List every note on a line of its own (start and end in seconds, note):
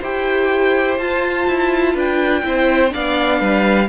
0.00 0.98 E4
0.00 0.99 G4
0.00 1.94 C5
0.00 0.99 G5
0.98 1.47 F4
0.98 2.44 F4
0.98 1.95 A5
1.47 1.95 E4
1.94 2.43 D4
1.94 2.42 B4
1.94 2.93 G5
2.44 2.93 C4
2.44 2.89 E4
2.44 2.93 C5
2.89 3.86 D4
2.89 3.39 D5
2.89 3.89 F5
2.95 3.41 B3
3.39 3.89 G3
3.39 3.88 B4